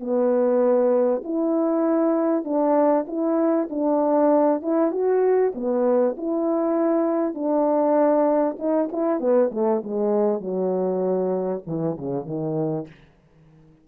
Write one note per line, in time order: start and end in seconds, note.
0.00 1.22 B3
1.24 2.44 E4
2.44 3.06 D4
3.07 3.68 E4
3.70 4.62 D4
4.62 4.92 E4
4.92 5.53 F#4
5.55 6.16 B3
6.17 7.34 E4
7.34 8.57 D4
8.59 8.89 D#4
8.92 9.20 E4
9.20 9.51 B3
9.52 9.82 A3
9.84 10.41 G#3
10.41 11.63 F#3
11.67 11.97 E3
11.98 12.26 C#3
12.26 12.88 D#3